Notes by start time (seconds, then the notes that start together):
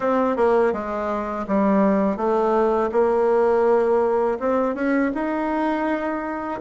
0.00 C4
0.36 A#3
0.73 G#3
1.47 G3
2.17 A3
2.91 A#3
4.39 C4
4.74 C#4
5.14 D#4